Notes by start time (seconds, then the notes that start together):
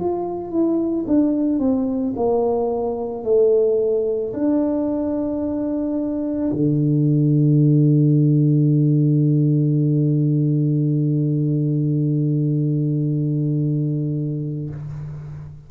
0.00 F4
0.51 E4
1.08 D4
1.59 C4
2.16 A#3
3.24 A3
4.33 D4
6.52 D3